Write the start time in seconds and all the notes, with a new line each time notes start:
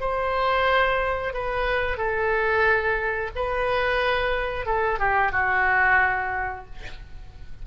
0.00 C5
1.33 B4
1.97 A4
3.35 B4
4.66 A4
4.99 G4
5.32 F#4